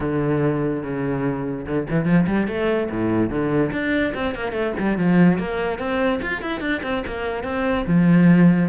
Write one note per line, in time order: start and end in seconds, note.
0.00 0.83 D3
0.83 1.66 C#3
1.66 1.87 D3
1.90 2.05 E3
2.05 2.26 F3
2.26 2.47 G3
2.47 2.89 A3
2.90 3.30 A2
3.30 3.71 D3
3.71 4.13 D4
4.14 4.34 C4
4.34 4.52 A#3
4.52 4.72 A3
4.79 4.97 G3
4.97 5.38 F3
5.38 5.78 A#3
5.78 6.20 C4
6.22 6.41 F4
6.41 6.60 E4
6.60 6.81 D4
6.83 7.03 C4
7.06 7.43 A#3
7.43 7.85 C4
7.86 8.69 F3